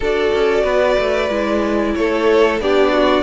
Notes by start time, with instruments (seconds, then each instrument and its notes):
0.00 cello D4, viola F#4, violin A4 D5
0.33 cello C#4
0.63 cello B3, violin B4
0.99 cello A3
1.29 cello G#3, viola E4
1.95 cello A3, violin A4 C#5
2.60 cello B3, viola D4, violin G4 D5
2.91 violin F#4